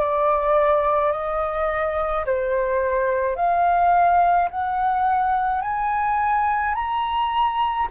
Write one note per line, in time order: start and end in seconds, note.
0.00 1.12 D5
1.12 2.25 D#5
2.25 3.36 C5
3.36 4.49 F5
4.51 5.61 F#5
5.61 6.75 G#5
6.75 7.88 A#5